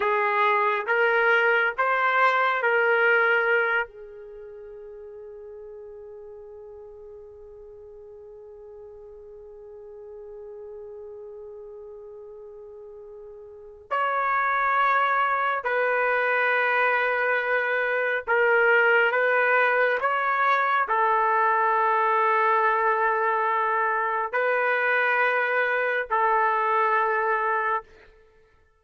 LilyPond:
\new Staff \with { instrumentName = "trumpet" } { \time 4/4 \tempo 4 = 69 gis'4 ais'4 c''4 ais'4~ | ais'8 gis'2.~ gis'8~ | gis'1~ | gis'1 |
cis''2 b'2~ | b'4 ais'4 b'4 cis''4 | a'1 | b'2 a'2 | }